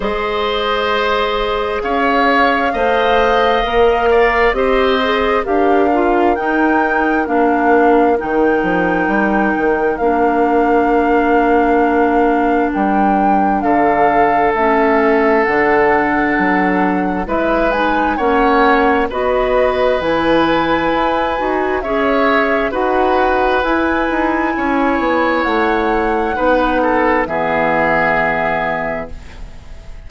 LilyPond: <<
  \new Staff \with { instrumentName = "flute" } { \time 4/4 \tempo 4 = 66 dis''2 f''2~ | f''4 dis''4 f''4 g''4 | f''4 g''2 f''4~ | f''2 g''4 f''4 |
e''4 fis''2 e''8 gis''8 | fis''4 dis''4 gis''2 | e''4 fis''4 gis''2 | fis''2 e''2 | }
  \new Staff \with { instrumentName = "oboe" } { \time 4/4 c''2 cis''4 dis''4~ | dis''8 d''8 c''4 ais'2~ | ais'1~ | ais'2. a'4~ |
a'2. b'4 | cis''4 b'2. | cis''4 b'2 cis''4~ | cis''4 b'8 a'8 gis'2 | }
  \new Staff \with { instrumentName = "clarinet" } { \time 4/4 gis'2. c''4 | ais'4 g'8 gis'8 g'8 f'8 dis'4 | d'4 dis'2 d'4~ | d'1 |
cis'4 d'2 e'8 dis'8 | cis'4 fis'4 e'4. fis'8 | gis'4 fis'4 e'2~ | e'4 dis'4 b2 | }
  \new Staff \with { instrumentName = "bassoon" } { \time 4/4 gis2 cis'4 a4 | ais4 c'4 d'4 dis'4 | ais4 dis8 f8 g8 dis8 ais4~ | ais2 g4 d4 |
a4 d4 fis4 gis4 | ais4 b4 e4 e'8 dis'8 | cis'4 dis'4 e'8 dis'8 cis'8 b8 | a4 b4 e2 | }
>>